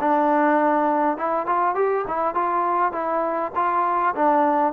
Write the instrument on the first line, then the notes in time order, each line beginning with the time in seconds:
trombone
0.00 D4
1.17 E4
1.46 F4
1.75 G4
2.08 E4
2.34 F4
2.92 E4
3.55 F4
4.15 D4